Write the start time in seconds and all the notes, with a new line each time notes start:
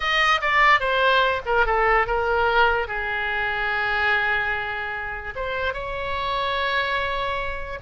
0.00 D#5
0.41 D5
0.80 C5
1.45 A#4
1.66 A4
2.06 A#4
2.87 G#4
5.35 C5
5.73 C#5